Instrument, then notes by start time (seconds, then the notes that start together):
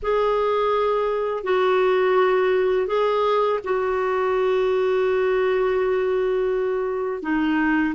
clarinet
0.02 G#4
1.43 F#4
2.87 G#4
3.63 F#4
7.22 D#4